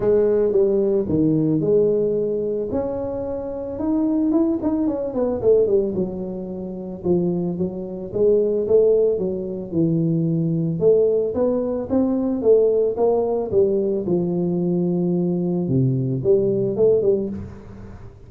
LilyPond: \new Staff \with { instrumentName = "tuba" } { \time 4/4 \tempo 4 = 111 gis4 g4 dis4 gis4~ | gis4 cis'2 dis'4 | e'8 dis'8 cis'8 b8 a8 g8 fis4~ | fis4 f4 fis4 gis4 |
a4 fis4 e2 | a4 b4 c'4 a4 | ais4 g4 f2~ | f4 c4 g4 a8 g8 | }